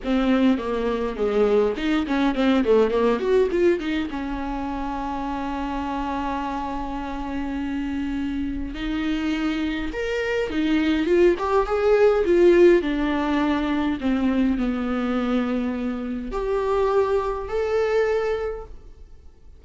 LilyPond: \new Staff \with { instrumentName = "viola" } { \time 4/4 \tempo 4 = 103 c'4 ais4 gis4 dis'8 cis'8 | c'8 a8 ais8 fis'8 f'8 dis'8 cis'4~ | cis'1~ | cis'2. dis'4~ |
dis'4 ais'4 dis'4 f'8 g'8 | gis'4 f'4 d'2 | c'4 b2. | g'2 a'2 | }